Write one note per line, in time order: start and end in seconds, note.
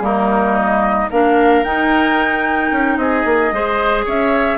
0.00 1.07 G3
0.00 1.08 A#3
0.00 1.10 D#4
0.00 0.56 A#4
0.56 1.09 D#5
1.10 1.64 A#3
1.10 1.65 D4
1.10 2.97 A#4
1.10 1.64 F5
1.64 2.71 D#4
1.64 3.52 D#4
1.64 2.97 G5
2.71 2.97 C#4
2.97 3.24 C4
2.97 3.54 G#4
2.97 4.04 D#5
3.25 3.52 A#3
3.52 4.05 G#3
3.52 4.58 G#4
3.52 4.05 C5
4.05 4.58 C#4
4.05 4.58 C#5
4.05 4.58 E5